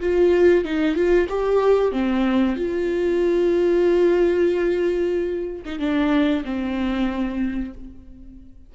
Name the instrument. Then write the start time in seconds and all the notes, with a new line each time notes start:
viola
0.00 F4
0.65 D#4
0.95 F4
1.29 G4
1.91 C4
2.56 F4
5.65 D#4
5.79 D4
6.45 C4